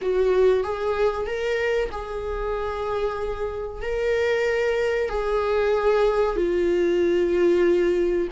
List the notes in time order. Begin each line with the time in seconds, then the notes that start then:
0.01 F#4
0.63 G#4
1.26 A#4
1.91 G#4
3.82 A#4
5.09 G#4
6.36 F4